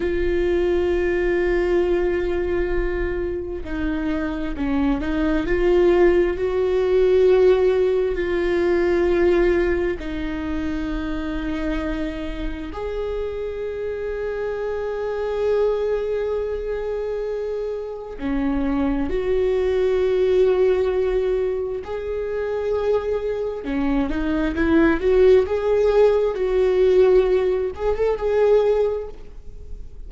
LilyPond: \new Staff \with { instrumentName = "viola" } { \time 4/4 \tempo 4 = 66 f'1 | dis'4 cis'8 dis'8 f'4 fis'4~ | fis'4 f'2 dis'4~ | dis'2 gis'2~ |
gis'1 | cis'4 fis'2. | gis'2 cis'8 dis'8 e'8 fis'8 | gis'4 fis'4. gis'16 a'16 gis'4 | }